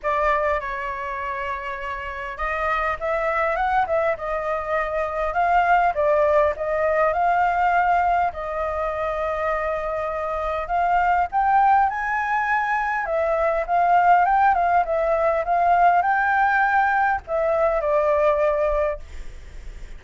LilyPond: \new Staff \with { instrumentName = "flute" } { \time 4/4 \tempo 4 = 101 d''4 cis''2. | dis''4 e''4 fis''8 e''8 dis''4~ | dis''4 f''4 d''4 dis''4 | f''2 dis''2~ |
dis''2 f''4 g''4 | gis''2 e''4 f''4 | g''8 f''8 e''4 f''4 g''4~ | g''4 e''4 d''2 | }